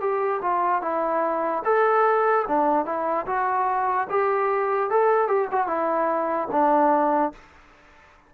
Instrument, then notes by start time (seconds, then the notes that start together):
trombone
0.00 G4
0.42 F4
0.82 E4
1.64 A4
2.48 D4
2.85 E4
3.26 F#4
4.10 G4
4.90 A4
5.27 G4
5.51 F#4
5.67 E4
6.51 D4